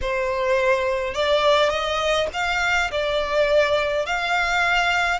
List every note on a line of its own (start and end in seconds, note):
0.01 1.14 C5
1.14 1.69 D5
1.69 2.27 D#5
2.33 2.91 F5
2.91 4.06 D5
4.06 5.19 F5